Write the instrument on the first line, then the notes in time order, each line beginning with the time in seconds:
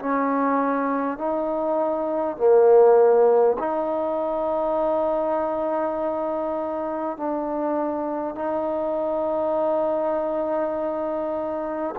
trombone
0.00 C#4
1.18 D#4
2.37 A#3
3.59 D#4
7.18 D4
8.35 D#4